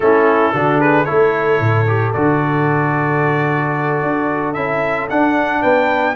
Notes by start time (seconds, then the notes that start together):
0.00 A3 C#4 E4 A4
0.54 D3 D4 F#4
0.78 G#4 B4
1.05 A3 E4 A4 C#5
1.59 A2
1.87 G4
2.12 D3 F#4 D5
4.02 D4
4.53 C#4 E4 E5
5.09 D4 F#5
5.61 B3 B4 G5